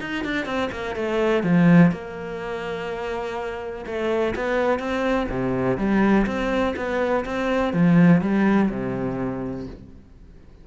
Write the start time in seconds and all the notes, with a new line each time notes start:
0.00 D#4
0.24 D4
0.45 C4
0.71 A#3
0.95 A3
1.43 F3
1.91 A#3
3.86 A3
4.35 B3
4.79 C4
5.29 C3
5.77 G3
6.26 C4
6.76 B3
7.25 C4
7.73 F3
8.21 G3
8.70 C3